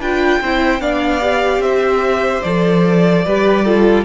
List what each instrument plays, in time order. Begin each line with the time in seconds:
0.00 cello D4, viola F4, violin B4 G5
0.41 cello C4, viola E4, violin C5
0.81 cello B3, viola D4, violin D5 F5
1.21 viola G4
1.59 cello C4, violin C5 E5
2.42 cello F3, viola A4, violin D5
3.26 cello G3, viola G4, violin B4
3.65 viola F4, violin A4